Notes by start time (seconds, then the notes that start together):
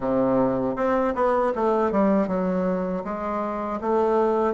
0.00 C3
0.76 C4
1.14 B3
1.55 A3
1.91 G3
2.27 F#3
3.04 G#3
3.80 A3